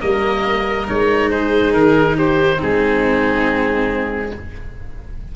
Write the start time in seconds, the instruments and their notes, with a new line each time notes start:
0.00 tuba G3, cello A#3, violin A#4, oboe D#5
0.87 tuba G#3, cello D#4, oboe C#5
1.30 violin G#4, oboe C5
1.73 tuba D#3, oboe A#4
2.17 violin G4, oboe C5
2.57 tuba G#3, cello C4, violin D#4, oboe G#4